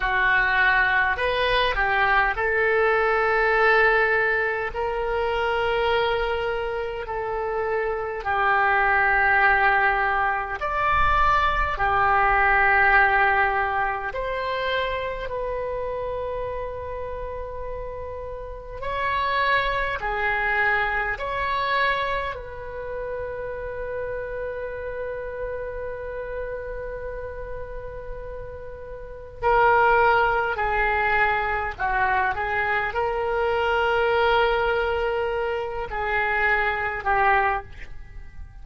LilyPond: \new Staff \with { instrumentName = "oboe" } { \time 4/4 \tempo 4 = 51 fis'4 b'8 g'8 a'2 | ais'2 a'4 g'4~ | g'4 d''4 g'2 | c''4 b'2. |
cis''4 gis'4 cis''4 b'4~ | b'1~ | b'4 ais'4 gis'4 fis'8 gis'8 | ais'2~ ais'8 gis'4 g'8 | }